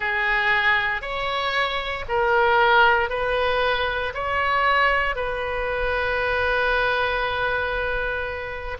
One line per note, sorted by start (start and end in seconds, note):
0.00 1.01 G#4
1.01 2.05 C#5
2.08 3.09 A#4
3.09 4.13 B4
4.14 5.15 C#5
5.15 8.77 B4